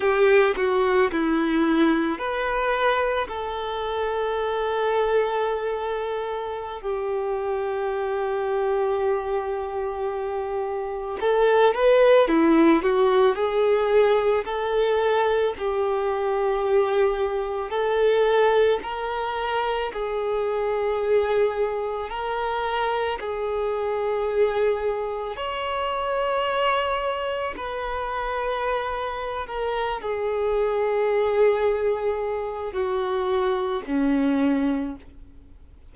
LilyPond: \new Staff \with { instrumentName = "violin" } { \time 4/4 \tempo 4 = 55 g'8 fis'8 e'4 b'4 a'4~ | a'2~ a'16 g'4.~ g'16~ | g'2~ g'16 a'8 b'8 e'8 fis'16~ | fis'16 gis'4 a'4 g'4.~ g'16~ |
g'16 a'4 ais'4 gis'4.~ gis'16~ | gis'16 ais'4 gis'2 cis''8.~ | cis''4~ cis''16 b'4.~ b'16 ais'8 gis'8~ | gis'2 fis'4 cis'4 | }